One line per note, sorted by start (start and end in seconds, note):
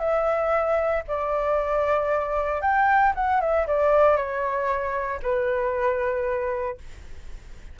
0.00 1.03 E5
1.08 2.62 D5
2.62 3.14 G5
3.15 3.41 F#5
3.41 3.67 E5
3.67 4.17 D5
4.17 5.21 C#5
5.23 6.78 B4